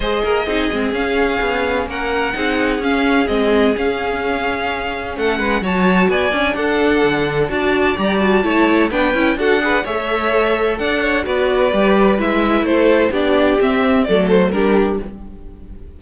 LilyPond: <<
  \new Staff \with { instrumentName = "violin" } { \time 4/4 \tempo 4 = 128 dis''2 f''2 | fis''2 f''4 dis''4 | f''2. fis''4 | a''4 gis''4 fis''2 |
a''4 ais''8 a''4. g''4 | fis''4 e''2 fis''4 | d''2 e''4 c''4 | d''4 e''4 d''8 c''8 ais'4 | }
  \new Staff \with { instrumentName = "violin" } { \time 4/4 c''8 ais'8 gis'2. | ais'4 gis'2.~ | gis'2. a'8 b'8 | cis''4 d''4 a'2 |
d''2 cis''4 b'4 | a'8 b'8 cis''2 d''8 cis''8 | b'2. a'4 | g'2 a'4 g'4 | }
  \new Staff \with { instrumentName = "viola" } { \time 4/4 gis'4 dis'8 c'8 cis'2~ | cis'4 dis'4 cis'4 c'4 | cis'1 | fis'4. d'2~ d'8 |
fis'4 g'8 fis'8 e'4 d'8 e'8 | fis'8 gis'8 a'2. | fis'4 g'4 e'2 | d'4 c'4 a4 d'4 | }
  \new Staff \with { instrumentName = "cello" } { \time 4/4 gis8 ais8 c'8 gis8 cis'4 b4 | ais4 c'4 cis'4 gis4 | cis'2. a8 gis8 | fis4 b8 cis'8 d'4 d4 |
d'4 g4 a4 b8 cis'8 | d'4 a2 d'4 | b4 g4 gis4 a4 | b4 c'4 fis4 g4 | }
>>